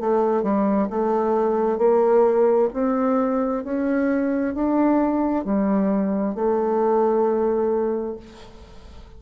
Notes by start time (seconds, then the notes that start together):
0.00 A3
0.43 G3
0.90 A3
1.78 A#3
2.74 C4
3.64 C#4
4.55 D4
5.45 G3
6.35 A3